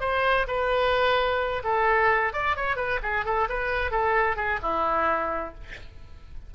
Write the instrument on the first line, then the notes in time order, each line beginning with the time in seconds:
oboe
0.00 C5
0.47 B4
1.63 A4
2.33 D5
2.56 C#5
2.76 B4
3.02 G#4
3.25 A4
3.49 B4
3.91 A4
4.36 G#4
4.62 E4